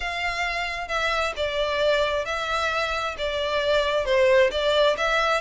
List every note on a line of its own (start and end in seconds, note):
0.00 0.88 F5
0.88 1.33 E5
1.36 2.25 D5
2.25 3.15 E5
3.18 4.05 D5
4.05 4.50 C5
4.51 4.96 D5
4.97 5.41 E5